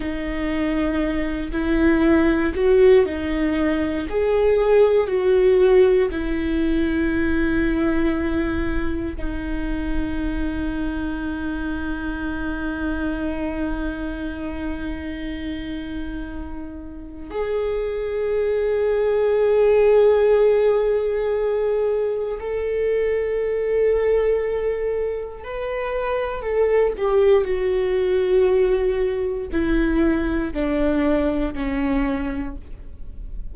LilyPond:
\new Staff \with { instrumentName = "viola" } { \time 4/4 \tempo 4 = 59 dis'4. e'4 fis'8 dis'4 | gis'4 fis'4 e'2~ | e'4 dis'2.~ | dis'1~ |
dis'4 gis'2.~ | gis'2 a'2~ | a'4 b'4 a'8 g'8 fis'4~ | fis'4 e'4 d'4 cis'4 | }